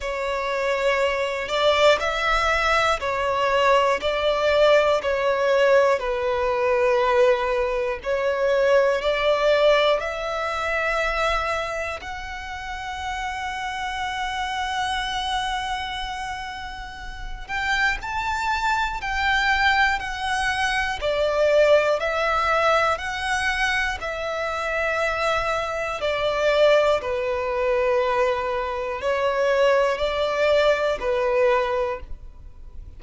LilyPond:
\new Staff \with { instrumentName = "violin" } { \time 4/4 \tempo 4 = 60 cis''4. d''8 e''4 cis''4 | d''4 cis''4 b'2 | cis''4 d''4 e''2 | fis''1~ |
fis''4. g''8 a''4 g''4 | fis''4 d''4 e''4 fis''4 | e''2 d''4 b'4~ | b'4 cis''4 d''4 b'4 | }